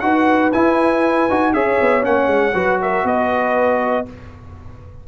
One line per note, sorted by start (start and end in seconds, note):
0.00 0.53 D#4
0.00 0.52 F#4
0.00 1.54 B4
0.00 0.50 F#5
0.53 1.29 E4
0.53 1.30 E4
0.53 1.53 G#5
1.30 1.54 D#4
1.30 1.54 F#4
1.53 1.79 C#4
1.53 2.02 G#4
1.53 2.55 C#5
1.53 2.04 E5
1.81 2.05 B3
2.02 2.28 A#3
2.02 2.53 C#4
2.02 2.81 F#5
2.28 2.53 G#3
2.55 3.04 F#3
2.55 4.06 F#4
2.55 2.80 B4
2.81 3.06 A#4
2.81 3.07 E5
3.04 4.05 B3
3.04 4.08 B4
3.04 4.08 D#5